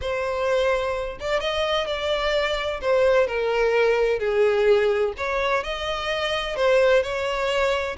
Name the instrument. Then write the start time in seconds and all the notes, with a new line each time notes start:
violin
0.01 C5
1.20 D5
1.40 D#5
1.86 D5
2.81 C5
3.27 A#4
4.19 G#4
5.17 C#5
5.63 D#5
6.56 C5
7.02 C#5